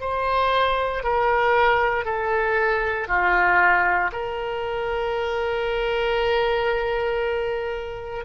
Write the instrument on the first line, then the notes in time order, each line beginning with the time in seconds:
oboe
0.00 C5
1.03 A#4
2.05 A4
3.08 F4
4.12 A#4